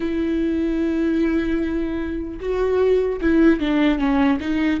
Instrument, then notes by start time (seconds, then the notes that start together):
viola
0.00 E4
2.40 F#4
3.21 E4
3.60 D4
3.98 C#4
4.40 D#4